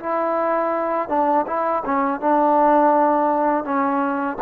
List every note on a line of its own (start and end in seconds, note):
0.00 1.09 E4
1.09 1.46 D4
1.47 1.84 E4
1.86 2.21 C#4
2.21 3.65 D4
3.65 4.38 C#4